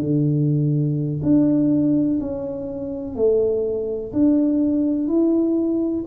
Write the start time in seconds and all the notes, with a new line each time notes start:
0.00 D3
1.22 D4
2.20 C#4
3.15 A3
4.12 D4
5.08 E4